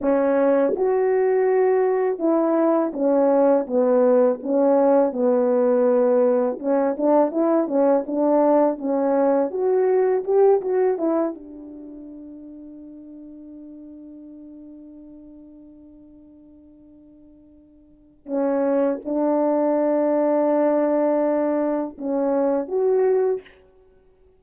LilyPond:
\new Staff \with { instrumentName = "horn" } { \time 4/4 \tempo 4 = 82 cis'4 fis'2 e'4 | cis'4 b4 cis'4 b4~ | b4 cis'8 d'8 e'8 cis'8 d'4 | cis'4 fis'4 g'8 fis'8 e'8 d'8~ |
d'1~ | d'1~ | d'4 cis'4 d'2~ | d'2 cis'4 fis'4 | }